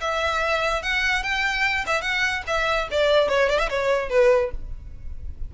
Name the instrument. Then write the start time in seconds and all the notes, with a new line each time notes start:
violin
0.00 E5
0.82 F#5
1.22 G5
1.86 E5
2.01 F#5
2.46 E5
2.91 D5
3.28 C#5
3.49 D5
3.58 E5
3.69 C#5
4.09 B4